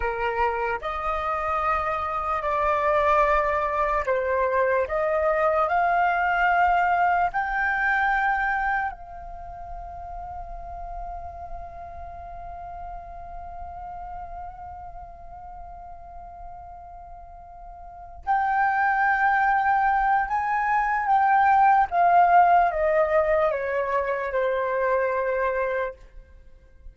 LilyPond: \new Staff \with { instrumentName = "flute" } { \time 4/4 \tempo 4 = 74 ais'4 dis''2 d''4~ | d''4 c''4 dis''4 f''4~ | f''4 g''2 f''4~ | f''1~ |
f''1~ | f''2~ f''8 g''4.~ | g''4 gis''4 g''4 f''4 | dis''4 cis''4 c''2 | }